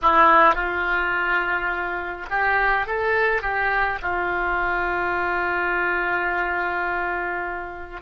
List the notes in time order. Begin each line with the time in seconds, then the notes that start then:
0.02 E4
0.55 F4
2.29 G4
2.86 A4
3.42 G4
4.02 F4